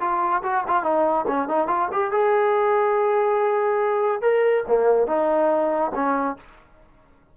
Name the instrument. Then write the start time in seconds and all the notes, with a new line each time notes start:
trombone
0.00 F4
0.43 F#4
0.67 F4
0.83 D#4
1.28 C#4
1.48 D#4
1.67 F4
1.92 G4
2.11 G#4
4.22 A#4
4.68 A#3
5.07 D#4
5.94 C#4